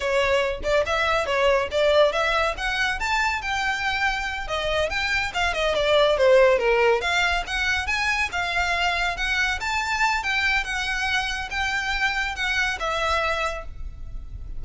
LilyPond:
\new Staff \with { instrumentName = "violin" } { \time 4/4 \tempo 4 = 141 cis''4. d''8 e''4 cis''4 | d''4 e''4 fis''4 a''4 | g''2~ g''8 dis''4 g''8~ | g''8 f''8 dis''8 d''4 c''4 ais'8~ |
ais'8 f''4 fis''4 gis''4 f''8~ | f''4. fis''4 a''4. | g''4 fis''2 g''4~ | g''4 fis''4 e''2 | }